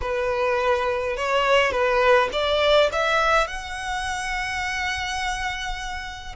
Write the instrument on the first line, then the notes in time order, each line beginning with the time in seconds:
violin
0.01 B4
1.16 C#5
1.71 B4
2.32 D5
2.92 E5
3.47 F#5